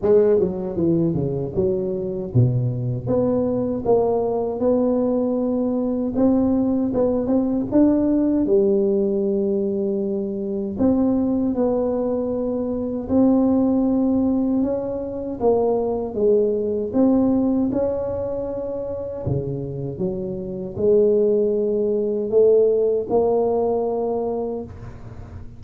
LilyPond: \new Staff \with { instrumentName = "tuba" } { \time 4/4 \tempo 4 = 78 gis8 fis8 e8 cis8 fis4 b,4 | b4 ais4 b2 | c'4 b8 c'8 d'4 g4~ | g2 c'4 b4~ |
b4 c'2 cis'4 | ais4 gis4 c'4 cis'4~ | cis'4 cis4 fis4 gis4~ | gis4 a4 ais2 | }